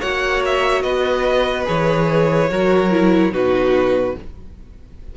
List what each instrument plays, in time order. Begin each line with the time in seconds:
0.00 cello A#3, viola F#4, violin C#5 F#5
0.45 violin E5
0.82 cello B3, violin B4 D#5
1.65 cello E3, viola G#4, violin C#5
2.50 cello F#3, viola F#4, violin A#4
2.91 viola E4
3.31 cello B2, viola D#4, violin F#4 B4